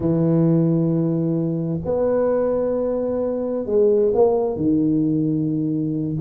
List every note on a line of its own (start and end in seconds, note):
0.00 1.80 E3
1.84 3.66 B3
3.66 4.11 G#3
4.14 4.56 A#3
4.56 6.16 D#3